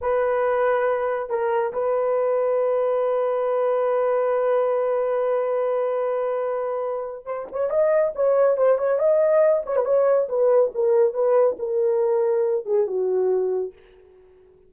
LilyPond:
\new Staff \with { instrumentName = "horn" } { \time 4/4 \tempo 4 = 140 b'2. ais'4 | b'1~ | b'1~ | b'1~ |
b'4 c''8 cis''8 dis''4 cis''4 | c''8 cis''8 dis''4. cis''16 b'16 cis''4 | b'4 ais'4 b'4 ais'4~ | ais'4. gis'8 fis'2 | }